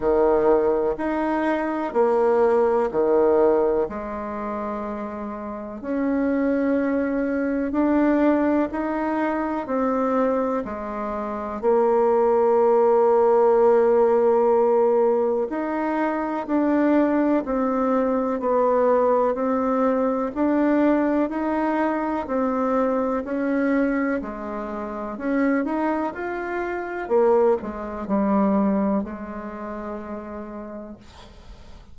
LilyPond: \new Staff \with { instrumentName = "bassoon" } { \time 4/4 \tempo 4 = 62 dis4 dis'4 ais4 dis4 | gis2 cis'2 | d'4 dis'4 c'4 gis4 | ais1 |
dis'4 d'4 c'4 b4 | c'4 d'4 dis'4 c'4 | cis'4 gis4 cis'8 dis'8 f'4 | ais8 gis8 g4 gis2 | }